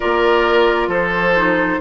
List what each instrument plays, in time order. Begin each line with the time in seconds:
0.00 bassoon A#3, clarinet F4, oboe A#4, flute D5
0.87 bassoon F3, oboe A4, flute C5
1.36 clarinet D#4